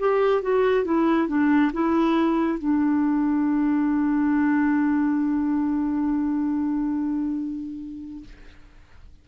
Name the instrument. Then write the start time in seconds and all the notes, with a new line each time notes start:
clarinet
0.00 G4
0.43 F#4
0.85 E4
1.28 D4
1.74 E4
2.59 D4